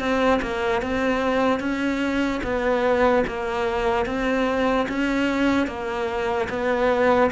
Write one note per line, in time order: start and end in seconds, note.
0.00 0.41 C4
0.42 0.82 A#3
0.82 1.60 C4
1.60 2.41 C#4
2.44 3.25 B3
3.27 4.06 A#3
4.06 4.87 C4
4.89 5.67 C#4
5.67 6.48 A#3
6.49 7.30 B3